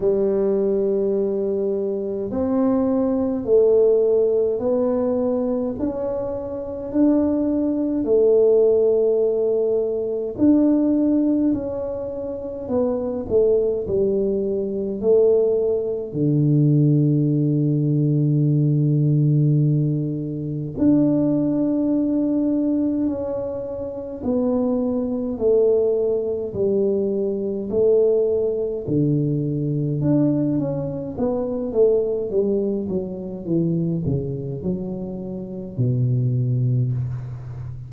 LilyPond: \new Staff \with { instrumentName = "tuba" } { \time 4/4 \tempo 4 = 52 g2 c'4 a4 | b4 cis'4 d'4 a4~ | a4 d'4 cis'4 b8 a8 | g4 a4 d2~ |
d2 d'2 | cis'4 b4 a4 g4 | a4 d4 d'8 cis'8 b8 a8 | g8 fis8 e8 cis8 fis4 b,4 | }